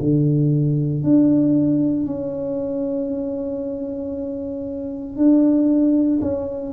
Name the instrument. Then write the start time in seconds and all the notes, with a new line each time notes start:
tuba
0.00 D3
1.04 D4
2.06 C#4
5.17 D4
6.22 C#4